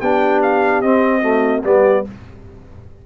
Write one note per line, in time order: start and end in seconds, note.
0.00 0.82 B3
0.00 0.84 D4
0.00 1.22 G4
0.00 0.41 G5
0.42 0.82 F5
0.82 1.64 C4
0.82 1.22 C4
0.82 1.63 D#5
1.22 1.63 A3
1.22 1.62 F#4
1.64 2.05 G3
1.64 2.04 B3
1.64 2.06 G4
1.64 2.06 D5